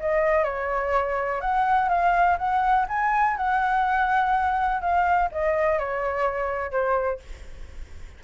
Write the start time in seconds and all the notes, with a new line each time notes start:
0.00 D#5
0.44 C#5
1.41 F#5
1.89 F5
2.38 F#5
2.89 G#5
3.37 F#5
4.81 F5
5.32 D#5
5.79 C#5
6.71 C5